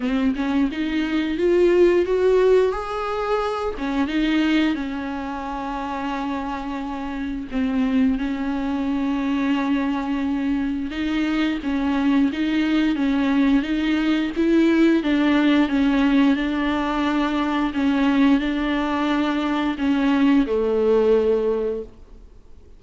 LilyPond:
\new Staff \with { instrumentName = "viola" } { \time 4/4 \tempo 4 = 88 c'8 cis'8 dis'4 f'4 fis'4 | gis'4. cis'8 dis'4 cis'4~ | cis'2. c'4 | cis'1 |
dis'4 cis'4 dis'4 cis'4 | dis'4 e'4 d'4 cis'4 | d'2 cis'4 d'4~ | d'4 cis'4 a2 | }